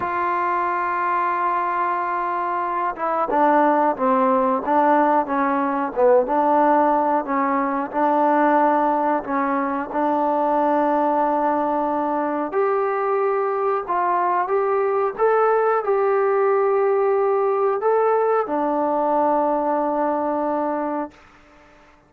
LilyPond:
\new Staff \with { instrumentName = "trombone" } { \time 4/4 \tempo 4 = 91 f'1~ | f'8 e'8 d'4 c'4 d'4 | cis'4 b8 d'4. cis'4 | d'2 cis'4 d'4~ |
d'2. g'4~ | g'4 f'4 g'4 a'4 | g'2. a'4 | d'1 | }